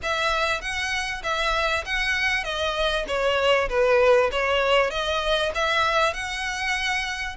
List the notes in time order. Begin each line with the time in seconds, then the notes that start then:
0.03 E5
0.61 F#5
1.23 E5
1.85 F#5
2.44 D#5
3.07 C#5
3.69 B4
4.31 C#5
4.90 D#5
5.55 E5
6.13 F#5